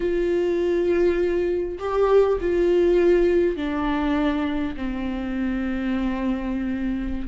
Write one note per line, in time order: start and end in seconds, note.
0.00 1.78 F4
1.78 2.38 G4
2.41 3.56 F4
3.56 4.75 D4
4.76 7.28 C4